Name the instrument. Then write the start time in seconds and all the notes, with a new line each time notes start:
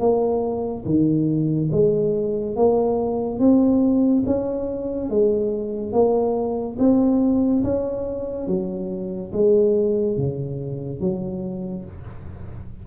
tuba
0.00 A#3
0.86 D#3
1.72 G#3
2.56 A#3
3.40 C4
4.26 C#4
5.10 G#3
5.93 A#3
6.79 C4
7.64 C#4
8.48 F#3
9.33 G#3
10.18 C#3
11.01 F#3